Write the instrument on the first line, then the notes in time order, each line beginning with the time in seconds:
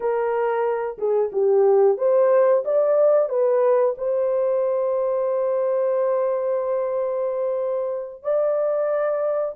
horn
0.00 A#4
0.97 G#4
1.32 G4
1.97 C5
2.64 D5
3.29 B4
3.97 C5
8.22 D5